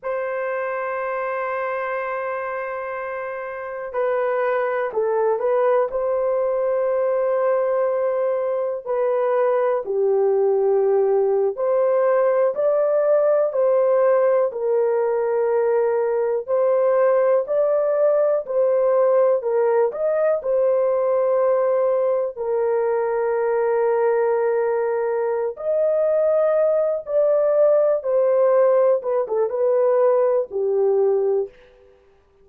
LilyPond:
\new Staff \with { instrumentName = "horn" } { \time 4/4 \tempo 4 = 61 c''1 | b'4 a'8 b'8 c''2~ | c''4 b'4 g'4.~ g'16 c''16~ | c''8. d''4 c''4 ais'4~ ais'16~ |
ais'8. c''4 d''4 c''4 ais'16~ | ais'16 dis''8 c''2 ais'4~ ais'16~ | ais'2 dis''4. d''8~ | d''8 c''4 b'16 a'16 b'4 g'4 | }